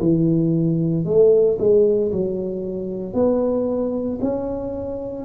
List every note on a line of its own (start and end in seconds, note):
0.00 1.05 E3
1.05 1.58 A3
1.59 2.11 G#3
2.12 3.14 F#3
3.14 4.19 B3
4.21 5.25 C#4